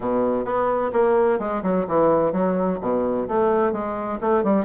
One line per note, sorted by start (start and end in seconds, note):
0.00 0.44 B2
0.44 0.91 B3
0.92 1.39 A#3
1.39 1.62 G#3
1.62 1.86 F#3
1.87 2.32 E3
2.32 2.78 F#3
2.81 3.27 B2
3.27 3.72 A3
3.72 4.19 G#3
4.20 4.43 A3
4.43 4.65 G3